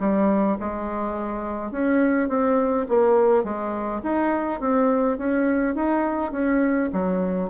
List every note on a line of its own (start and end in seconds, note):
0.00 0.58 G3
0.60 1.72 G#3
1.72 2.29 C#4
2.29 2.86 C4
2.89 3.44 A#3
3.44 4.02 G#3
4.03 4.60 D#4
4.60 5.18 C4
5.18 5.75 C#4
5.75 6.32 D#4
6.32 6.90 C#4
6.93 7.50 F#3